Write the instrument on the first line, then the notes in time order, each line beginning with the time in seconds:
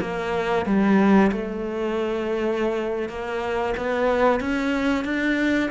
cello
0.00 A#3
0.66 G3
1.31 A3
3.09 A#3
3.76 B3
4.40 C#4
5.04 D4